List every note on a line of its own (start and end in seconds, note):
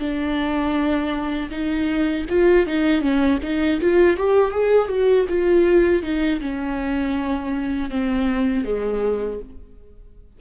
0.00 1.50 D4
1.51 2.26 D#4
2.30 2.67 F4
2.67 3.01 D#4
3.01 3.39 C#4
3.43 3.81 D#4
3.81 4.18 F4
4.18 4.52 G4
4.52 4.89 G#4
4.89 5.26 F#4
5.29 6.03 F4
6.03 6.41 D#4
6.41 7.91 C#4
7.91 8.65 C4
8.65 9.40 G#3